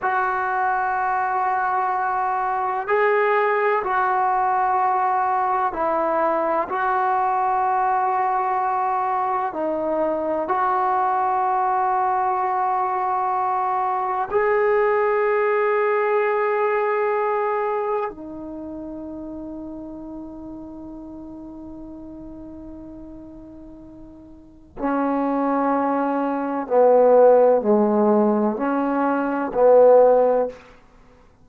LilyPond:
\new Staff \with { instrumentName = "trombone" } { \time 4/4 \tempo 4 = 63 fis'2. gis'4 | fis'2 e'4 fis'4~ | fis'2 dis'4 fis'4~ | fis'2. gis'4~ |
gis'2. dis'4~ | dis'1~ | dis'2 cis'2 | b4 gis4 cis'4 b4 | }